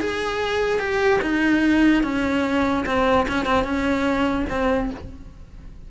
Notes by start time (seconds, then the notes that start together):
0.00 G#4
0.79 G4
1.22 D#4
2.03 C#4
2.86 C4
3.29 C#4
3.46 C4
3.64 C#4
4.50 C4